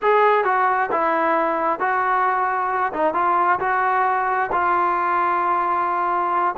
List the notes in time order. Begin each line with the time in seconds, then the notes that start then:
0.02 G#4
0.44 F#4
0.91 E4
1.79 F#4
2.93 D#4
3.14 F4
3.59 F#4
4.52 F4